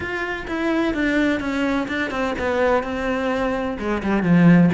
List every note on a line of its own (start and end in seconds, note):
0.00 0.46 F4
0.47 0.94 E4
0.94 1.40 D4
1.40 1.87 C#4
1.88 2.10 D4
2.10 2.34 C4
2.38 2.83 B3
2.83 3.77 C4
3.78 4.02 G#3
4.02 4.22 G3
4.22 4.70 F3